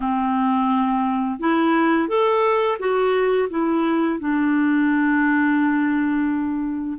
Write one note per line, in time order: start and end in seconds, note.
0.00 1.39 C4
1.40 2.08 E4
2.08 2.78 A4
2.79 3.49 F#4
3.49 4.19 E4
4.19 6.98 D4